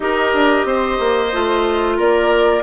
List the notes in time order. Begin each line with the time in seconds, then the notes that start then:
0.00 D#4 G4 A#4 D#5
0.33 D4
0.64 C4 C5
0.99 A#3
1.32 A3 F4
1.97 A#3 A#4 D5